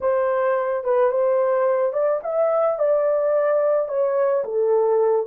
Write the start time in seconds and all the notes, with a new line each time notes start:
0.00 C5
0.83 B4
1.11 C5
1.93 D5
2.23 E5
2.78 D5
3.88 C#5
4.44 A4